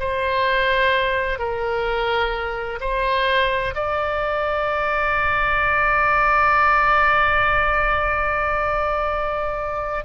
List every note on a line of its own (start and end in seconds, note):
0.00 1.39 C5
1.39 2.80 A#4
2.81 3.75 C5
3.75 10.05 D5